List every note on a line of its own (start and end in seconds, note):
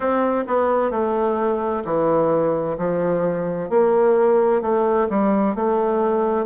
0.00 0.44 C4
0.47 0.91 B3
0.91 1.83 A3
1.85 2.77 E3
2.77 3.69 F3
3.69 4.62 A#3
4.62 5.08 A3
5.09 5.55 G3
5.55 6.46 A3